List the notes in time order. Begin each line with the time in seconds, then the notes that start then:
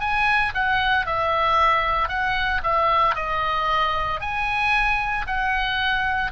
0.00 G#5
0.54 F#5
1.06 E5
2.08 F#5
2.63 E5
3.15 D#5
4.20 G#5
5.27 F#5